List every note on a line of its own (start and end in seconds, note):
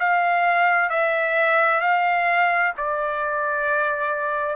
0.00 0.90 F5
0.90 1.81 E5
1.81 2.74 F5
2.78 4.56 D5